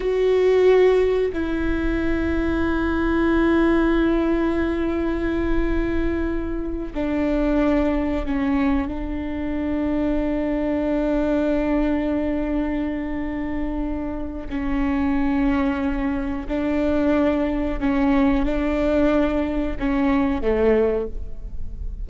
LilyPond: \new Staff \with { instrumentName = "viola" } { \time 4/4 \tempo 4 = 91 fis'2 e'2~ | e'1~ | e'2~ e'8 d'4.~ | d'8 cis'4 d'2~ d'8~ |
d'1~ | d'2 cis'2~ | cis'4 d'2 cis'4 | d'2 cis'4 a4 | }